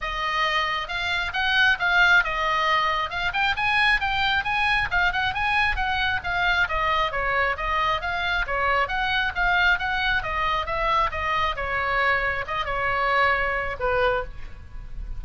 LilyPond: \new Staff \with { instrumentName = "oboe" } { \time 4/4 \tempo 4 = 135 dis''2 f''4 fis''4 | f''4 dis''2 f''8 g''8 | gis''4 g''4 gis''4 f''8 fis''8 | gis''4 fis''4 f''4 dis''4 |
cis''4 dis''4 f''4 cis''4 | fis''4 f''4 fis''4 dis''4 | e''4 dis''4 cis''2 | dis''8 cis''2~ cis''8 b'4 | }